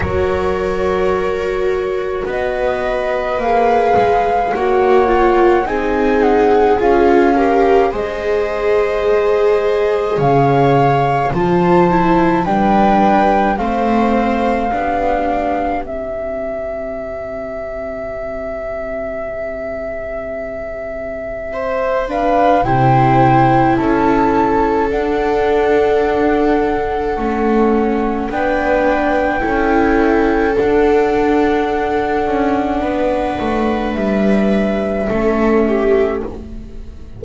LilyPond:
<<
  \new Staff \with { instrumentName = "flute" } { \time 4/4 \tempo 4 = 53 cis''2 dis''4 f''4 | fis''4 gis''8 fis''8 f''4 dis''4~ | dis''4 f''4 a''4 g''4 | f''2 e''2~ |
e''2.~ e''8 f''8 | g''4 a''4 fis''2~ | fis''4 g''2 fis''4~ | fis''2 e''2 | }
  \new Staff \with { instrumentName = "viola" } { \time 4/4 ais'2 b'2 | cis''4 gis'4. ais'8 c''4~ | c''4 cis''4 c''4 b'4 | c''4 g'2.~ |
g'2. c''8 b'8 | c''4 a'2.~ | a'4 b'4 a'2~ | a'4 b'2 a'8 g'8 | }
  \new Staff \with { instrumentName = "viola" } { \time 4/4 fis'2. gis'4 | fis'8 f'8 dis'4 f'8 g'8 gis'4~ | gis'2 f'8 e'8 d'4 | c'4 d'4 c'2~ |
c'2.~ c'8 d'8 | e'2 d'2 | cis'4 d'4 e'4 d'4~ | d'2. cis'4 | }
  \new Staff \with { instrumentName = "double bass" } { \time 4/4 fis2 b4 ais8 gis8 | ais4 c'4 cis'4 gis4~ | gis4 cis4 f4 g4 | a4 b4 c'2~ |
c'1 | c4 cis'4 d'2 | a4 b4 cis'4 d'4~ | d'8 cis'8 b8 a8 g4 a4 | }
>>